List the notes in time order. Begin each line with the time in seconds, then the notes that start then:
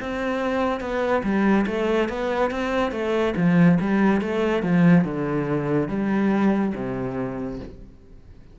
0.00 C4
0.80 B3
1.23 G3
1.67 A3
2.09 B3
2.51 C4
2.92 A3
3.36 F3
3.81 G3
4.21 A3
4.63 F3
5.04 D3
5.88 G3
6.75 C3